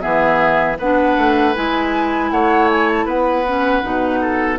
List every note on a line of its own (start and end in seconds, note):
0.00 0.79 E3
0.00 0.76 B3
0.00 0.78 G#4
0.00 0.77 E5
0.79 1.17 B3
0.79 1.55 D4
0.79 2.31 B4
0.79 1.56 F#5
1.18 1.56 A3
1.55 2.31 G#3
1.55 3.45 E4
1.55 2.31 G#5
2.31 3.06 A3
2.31 3.06 C#5
2.31 2.69 F#5
2.70 2.88 G#5
2.88 3.07 A5
3.06 3.82 B3
3.06 4.20 B4
3.06 4.59 F#5
3.47 3.83 C#4
3.83 4.59 B2
3.83 4.59 D#4
4.21 4.59 A4